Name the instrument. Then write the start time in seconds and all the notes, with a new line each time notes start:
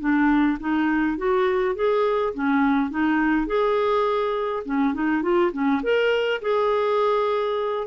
clarinet
0.00 D4
0.60 D#4
1.18 F#4
1.76 G#4
2.34 C#4
2.91 D#4
3.47 G#4
4.65 C#4
4.94 D#4
5.23 F4
5.53 C#4
5.83 A#4
6.42 G#4